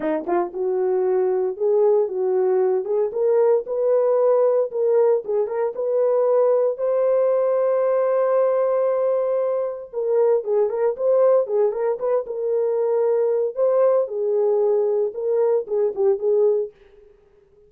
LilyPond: \new Staff \with { instrumentName = "horn" } { \time 4/4 \tempo 4 = 115 dis'8 f'8 fis'2 gis'4 | fis'4. gis'8 ais'4 b'4~ | b'4 ais'4 gis'8 ais'8 b'4~ | b'4 c''2.~ |
c''2. ais'4 | gis'8 ais'8 c''4 gis'8 ais'8 b'8 ais'8~ | ais'2 c''4 gis'4~ | gis'4 ais'4 gis'8 g'8 gis'4 | }